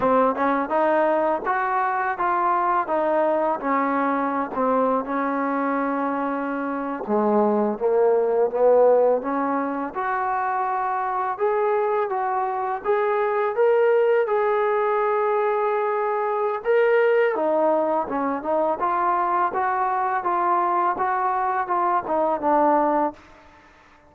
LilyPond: \new Staff \with { instrumentName = "trombone" } { \time 4/4 \tempo 4 = 83 c'8 cis'8 dis'4 fis'4 f'4 | dis'4 cis'4~ cis'16 c'8. cis'4~ | cis'4.~ cis'16 gis4 ais4 b16~ | b8. cis'4 fis'2 gis'16~ |
gis'8. fis'4 gis'4 ais'4 gis'16~ | gis'2. ais'4 | dis'4 cis'8 dis'8 f'4 fis'4 | f'4 fis'4 f'8 dis'8 d'4 | }